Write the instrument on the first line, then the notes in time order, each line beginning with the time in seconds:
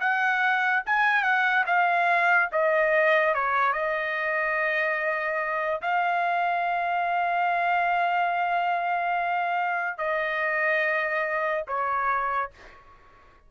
trumpet
0.00 F#5
0.86 G#5
1.23 F#5
1.66 F5
2.52 D#5
3.34 C#5
3.73 D#5
5.82 F5
9.98 D#5
11.68 C#5